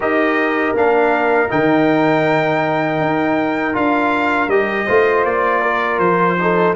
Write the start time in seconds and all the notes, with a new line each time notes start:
0.00 D#4 G4 A#4 D#5
0.73 A#3 D4 F5
1.48 D#3 D#4 G5
3.00 D#4
3.73 D4 F4 F5
4.47 G3 G4 D#5
4.85 A3 F4 C5
5.25 A#3 D5
5.62 A#4
5.99 F3 C5
6.39 D#4 A4